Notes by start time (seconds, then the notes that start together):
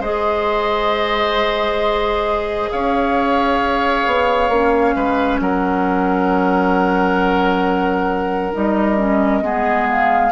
0.00 G#3 G#4 C5 D#5
2.71 C#4 C#5 F5
4.07 B3
4.49 A#3 C#4
4.96 G#3 B4
5.40 F#3 A#4 F#5
8.53 G3 D#4 D#5
8.97 C#4
9.42 G#3 B3 G#4
9.90 F5